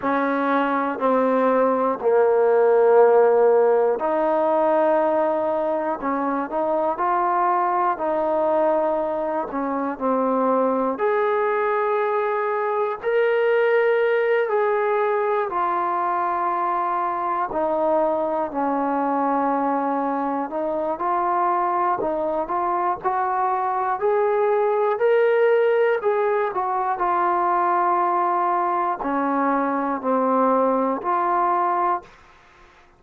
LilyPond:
\new Staff \with { instrumentName = "trombone" } { \time 4/4 \tempo 4 = 60 cis'4 c'4 ais2 | dis'2 cis'8 dis'8 f'4 | dis'4. cis'8 c'4 gis'4~ | gis'4 ais'4. gis'4 f'8~ |
f'4. dis'4 cis'4.~ | cis'8 dis'8 f'4 dis'8 f'8 fis'4 | gis'4 ais'4 gis'8 fis'8 f'4~ | f'4 cis'4 c'4 f'4 | }